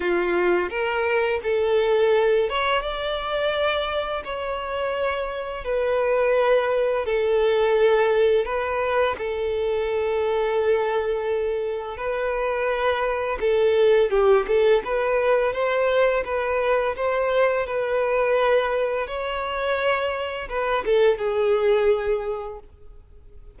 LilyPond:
\new Staff \with { instrumentName = "violin" } { \time 4/4 \tempo 4 = 85 f'4 ais'4 a'4. cis''8 | d''2 cis''2 | b'2 a'2 | b'4 a'2.~ |
a'4 b'2 a'4 | g'8 a'8 b'4 c''4 b'4 | c''4 b'2 cis''4~ | cis''4 b'8 a'8 gis'2 | }